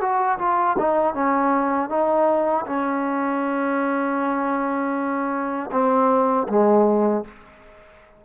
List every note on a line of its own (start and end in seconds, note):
0.00 0.38 F#4
0.38 0.76 F4
0.78 1.14 D#4
1.14 1.89 C#4
1.89 2.65 D#4
2.66 5.70 C#4
5.71 6.47 C4
6.48 7.24 G#3